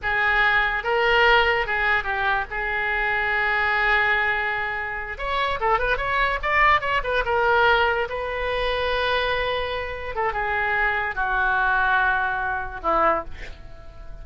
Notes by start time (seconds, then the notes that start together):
0.02 G#4
0.83 A#4
1.66 G#4
2.03 G4
2.50 G#4
5.17 C#5
5.60 A4
5.79 B4
5.97 C#5
6.42 D5
6.80 C#5
7.03 B4
7.25 A#4
8.09 B4
10.15 A4
10.32 G#4
11.15 F#4
12.83 E4